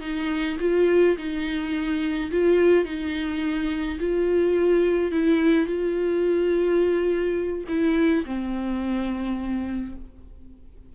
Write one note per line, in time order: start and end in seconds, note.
0.00 0.57 D#4
0.60 1.16 F4
1.18 2.31 D#4
2.31 2.85 F4
2.85 3.98 D#4
3.99 5.11 F4
5.11 5.66 E4
5.66 7.64 F4
7.68 8.25 E4
8.25 9.95 C4